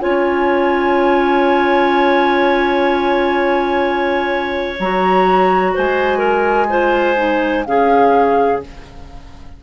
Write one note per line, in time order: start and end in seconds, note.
0.00 4.80 C#4
0.00 4.76 F4
0.00 5.74 C#5
0.00 4.76 G#5
4.80 5.75 F#3
4.80 6.70 F#4
4.80 5.76 A#5
5.75 7.66 G#3
5.75 6.19 C5
5.75 7.65 G#5
6.19 6.66 A#4
6.70 7.16 F4
6.70 7.65 C5
7.16 7.63 D#4
7.65 8.62 C#3
7.65 8.61 C#4
7.65 8.64 G#4
7.65 8.61 F5